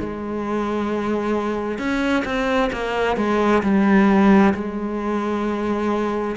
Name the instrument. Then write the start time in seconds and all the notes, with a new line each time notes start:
cello
0.00 G#3
1.79 C#4
2.25 C4
2.73 A#3
3.17 G#3
3.63 G3
4.55 G#3